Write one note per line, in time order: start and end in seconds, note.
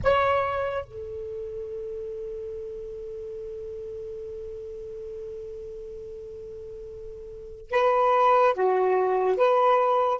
0.03 0.84 C#5
0.84 7.70 A4
7.70 8.53 B4
8.53 9.36 F#4
9.36 10.19 B4